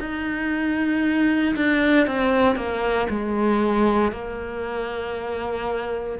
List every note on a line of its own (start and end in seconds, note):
0.00 1.55 D#4
1.56 2.06 D4
2.06 2.56 C4
2.56 3.08 A#3
3.09 4.12 G#3
4.12 6.19 A#3